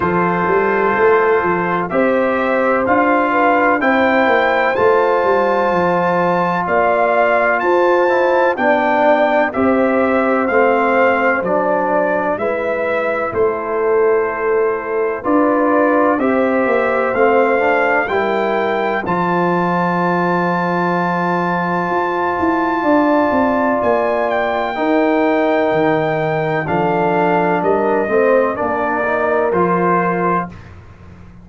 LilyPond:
<<
  \new Staff \with { instrumentName = "trumpet" } { \time 4/4 \tempo 4 = 63 c''2 e''4 f''4 | g''4 a''2 f''4 | a''4 g''4 e''4 f''4 | d''4 e''4 c''2 |
d''4 e''4 f''4 g''4 | a''1~ | a''4 gis''8 g''2~ g''8 | f''4 dis''4 d''4 c''4 | }
  \new Staff \with { instrumentName = "horn" } { \time 4/4 a'2 c''4. b'8 | c''2. d''4 | c''4 d''4 c''2~ | c''4 b'4 a'2 |
b'4 c''2 ais'4 | c''1 | d''2 ais'2 | a'4 ais'8 c''8 ais'2 | }
  \new Staff \with { instrumentName = "trombone" } { \time 4/4 f'2 g'4 f'4 | e'4 f'2.~ | f'8 e'8 d'4 g'4 c'4 | d'4 e'2. |
f'4 g'4 c'8 d'8 e'4 | f'1~ | f'2 dis'2 | d'4. c'8 d'8 dis'8 f'4 | }
  \new Staff \with { instrumentName = "tuba" } { \time 4/4 f8 g8 a8 f8 c'4 d'4 | c'8 ais8 a8 g8 f4 ais4 | f'4 b4 c'4 a4 | fis4 gis4 a2 |
d'4 c'8 ais8 a4 g4 | f2. f'8 e'8 | d'8 c'8 ais4 dis'4 dis4 | f4 g8 a8 ais4 f4 | }
>>